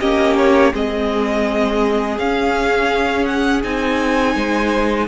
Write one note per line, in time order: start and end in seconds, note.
0.00 0.73 A#3
0.00 0.73 C#4
0.00 0.72 G4
0.00 0.36 D#5
0.37 0.73 C#5
0.73 2.18 G#3
0.73 2.17 C4
0.73 4.35 G#4
0.73 2.19 D#5
2.19 3.63 C#4
2.19 3.25 F5
3.25 3.61 F#5
3.63 4.35 C4
3.63 5.08 D#4
3.63 5.08 G#5
4.35 5.08 G#3
4.35 5.08 C5